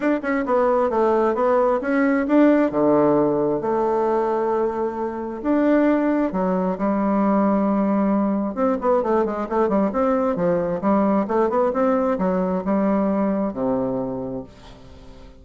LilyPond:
\new Staff \with { instrumentName = "bassoon" } { \time 4/4 \tempo 4 = 133 d'8 cis'8 b4 a4 b4 | cis'4 d'4 d2 | a1 | d'2 fis4 g4~ |
g2. c'8 b8 | a8 gis8 a8 g8 c'4 f4 | g4 a8 b8 c'4 fis4 | g2 c2 | }